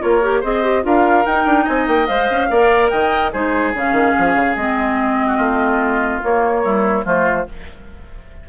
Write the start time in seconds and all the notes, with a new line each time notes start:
0.00 A#3 F4 A#4 C#5
0.23 G4
0.41 C4 G#4 C5 D#5
0.64 G4
0.83 D4 F4 A#4 F5
1.26 D#4 G5
1.46 D4
1.65 C4 D#5 G#5
1.88 A#3 G5
2.07 G#3 C5 F5
2.31 C#4
2.50 A#3 A#4 D5
2.90 D#3 D#5 G5
3.32 G#3 D#4 G#4 C5
3.74 C#3 C#4 F5
3.93 D#3
4.19 F3
4.36 C#3
4.56 G#3 C4 D#5
5.27 F#4
5.37 A3 F4
6.23 A#3 C#5
6.63 G3 E4
7.05 F3 A3 F4 C5